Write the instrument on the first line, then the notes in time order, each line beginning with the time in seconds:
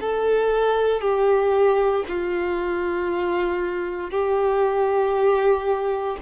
violin
0.00 A4
1.01 G4
2.08 F4
4.11 G4